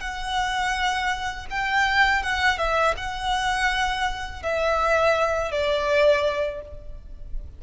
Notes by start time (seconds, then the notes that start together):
0.00 F#5
1.50 G5
2.22 F#5
2.58 E5
2.97 F#5
4.42 E5
5.51 D5